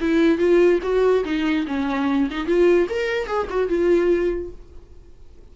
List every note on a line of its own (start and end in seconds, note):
0.00 0.38 E4
0.38 0.79 F4
0.82 1.23 F#4
1.24 1.66 D#4
1.67 2.29 C#4
2.30 2.46 D#4
2.46 2.87 F4
2.89 3.27 A#4
3.27 3.47 G#4
3.50 3.69 F#4
3.69 4.51 F4